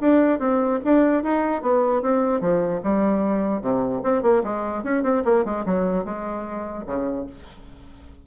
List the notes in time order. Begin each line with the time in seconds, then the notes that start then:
0.00 D4
0.39 C4
0.84 D4
1.23 D#4
1.62 B3
2.02 C4
2.41 F3
2.83 G3
3.61 C3
4.03 C4
4.22 A#3
4.43 G#3
4.83 C#4
5.03 C4
5.24 A#3
5.45 G#3
5.65 F#3
6.05 G#3
6.86 C#3